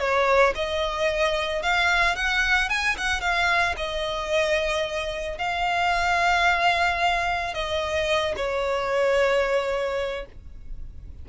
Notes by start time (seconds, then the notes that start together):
0.00 C#5
0.56 D#5
1.63 F5
2.16 F#5
2.70 G#5
2.98 F#5
3.21 F5
3.77 D#5
5.38 F5
7.54 D#5
8.37 C#5